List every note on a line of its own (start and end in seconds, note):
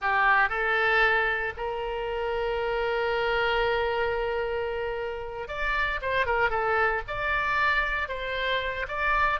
0.01 0.49 G4
0.49 1.53 A4
1.57 5.48 A#4
5.48 6.00 D5
6.01 6.26 C5
6.26 6.50 A#4
6.50 7.02 A4
7.07 8.08 D5
8.08 8.86 C5
8.88 9.40 D5